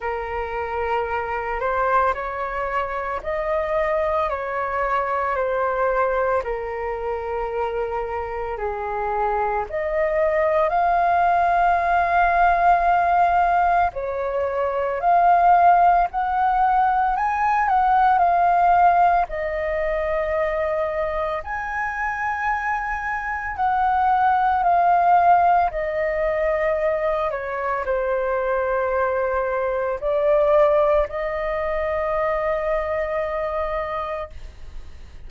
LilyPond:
\new Staff \with { instrumentName = "flute" } { \time 4/4 \tempo 4 = 56 ais'4. c''8 cis''4 dis''4 | cis''4 c''4 ais'2 | gis'4 dis''4 f''2~ | f''4 cis''4 f''4 fis''4 |
gis''8 fis''8 f''4 dis''2 | gis''2 fis''4 f''4 | dis''4. cis''8 c''2 | d''4 dis''2. | }